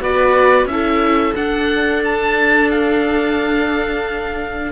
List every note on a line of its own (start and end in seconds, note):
0.00 0.65 B3
0.00 0.69 F#4
0.00 0.70 B4
0.00 0.67 D5
0.65 1.33 C#4
0.65 1.36 E4
0.65 1.35 E5
0.72 4.72 A4
1.36 4.72 D4
1.36 2.03 F#5
2.05 2.71 A5
2.71 4.72 F5